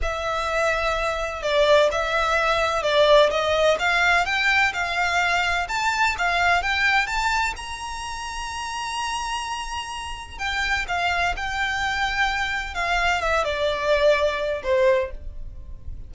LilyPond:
\new Staff \with { instrumentName = "violin" } { \time 4/4 \tempo 4 = 127 e''2. d''4 | e''2 d''4 dis''4 | f''4 g''4 f''2 | a''4 f''4 g''4 a''4 |
ais''1~ | ais''2 g''4 f''4 | g''2. f''4 | e''8 d''2~ d''8 c''4 | }